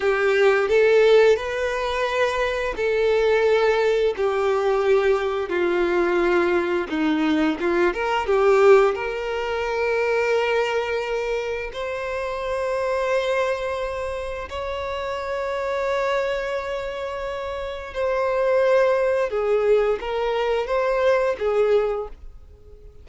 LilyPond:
\new Staff \with { instrumentName = "violin" } { \time 4/4 \tempo 4 = 87 g'4 a'4 b'2 | a'2 g'2 | f'2 dis'4 f'8 ais'8 | g'4 ais'2.~ |
ais'4 c''2.~ | c''4 cis''2.~ | cis''2 c''2 | gis'4 ais'4 c''4 gis'4 | }